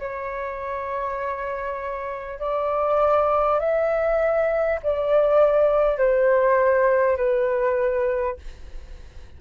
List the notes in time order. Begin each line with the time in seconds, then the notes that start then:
0.00 C#5
2.40 D5
3.60 E5
4.83 D5
5.98 C5
7.17 B4